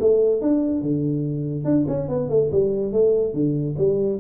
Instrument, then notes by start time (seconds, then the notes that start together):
tuba
0.00 A3
0.41 D4
0.82 D3
1.64 D4
1.88 C#4
2.09 B3
2.29 A3
2.52 G3
2.92 A3
3.33 D3
3.78 G3